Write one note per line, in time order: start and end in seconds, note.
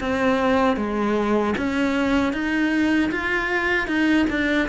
0.00 0.77 C4
0.77 1.54 G#3
1.57 2.33 C#4
2.33 3.11 D#4
3.12 3.87 F4
3.87 4.26 D#4
4.30 4.69 D4